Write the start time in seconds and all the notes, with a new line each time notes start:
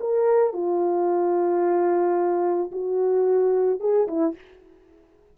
0.00 A#4
0.53 F4
2.71 F#4
3.80 G#4
4.07 E4